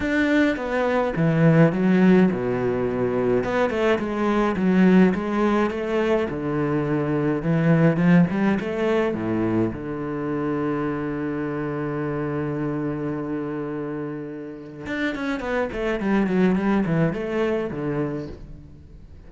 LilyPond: \new Staff \with { instrumentName = "cello" } { \time 4/4 \tempo 4 = 105 d'4 b4 e4 fis4 | b,2 b8 a8 gis4 | fis4 gis4 a4 d4~ | d4 e4 f8 g8 a4 |
a,4 d2.~ | d1~ | d2 d'8 cis'8 b8 a8 | g8 fis8 g8 e8 a4 d4 | }